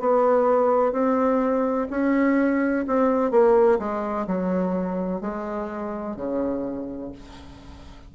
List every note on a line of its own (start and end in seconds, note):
0.00 0.92 B3
0.92 1.87 C4
1.90 2.86 C#4
2.87 3.31 C4
3.31 3.78 A#3
3.79 4.26 G#3
4.27 5.21 F#3
5.21 6.16 G#3
6.16 7.12 C#3